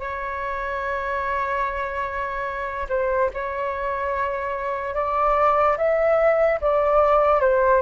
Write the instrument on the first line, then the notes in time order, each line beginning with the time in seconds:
flute
0.00 C#5
2.89 C5
3.34 C#5
4.95 D5
5.78 E5
6.61 D5
7.41 C5